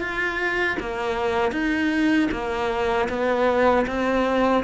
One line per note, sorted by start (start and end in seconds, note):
0.00 0.77 F4
0.80 1.52 A#3
1.52 2.29 D#4
2.31 3.08 A#3
3.09 3.86 B3
3.87 4.64 C4